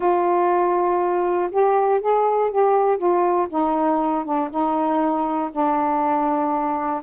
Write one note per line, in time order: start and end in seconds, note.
0.00 1.50 F4
1.51 2.00 G4
2.00 2.50 G#4
2.50 2.97 G4
2.97 3.47 F4
3.49 4.24 D#4
4.24 4.49 D4
4.50 5.50 D#4
5.52 7.02 D4